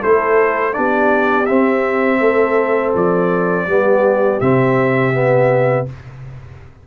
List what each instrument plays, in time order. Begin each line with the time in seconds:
0.00 tuba A3, trombone E4, horn A4, trumpet C5
0.73 tuba B3, trombone D4, horn G4, trumpet D5
1.46 trombone C4, tuba C4, trumpet E5
2.19 tuba A3, horn A4
2.95 tuba F3, trumpet D5
3.67 tuba G3, trombone B3, horn G4
4.41 tuba C3, trombone C4, trumpet E5
5.13 trombone B3